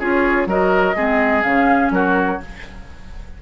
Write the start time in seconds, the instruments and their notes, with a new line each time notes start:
0.00 bassoon C#4, clarinet F4, oboe G#4, flute C#5
0.47 bassoon F#3, clarinet F#4, oboe A#4, flute D#5
0.96 bassoon G#3, clarinet C4, oboe G#4
1.43 bassoon C#3, clarinet C#4, flute F5
1.91 bassoon F#3, oboe F#4, flute A#4